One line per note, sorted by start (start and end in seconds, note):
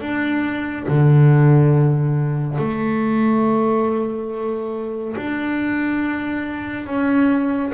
0.00 0.86 D4
0.87 2.58 D3
2.58 5.15 A3
5.16 6.86 D4
6.86 7.72 C#4